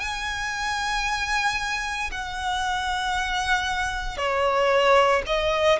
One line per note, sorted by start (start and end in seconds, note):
0.00 2.11 G#5
2.11 4.18 F#5
4.18 5.23 C#5
5.27 5.79 D#5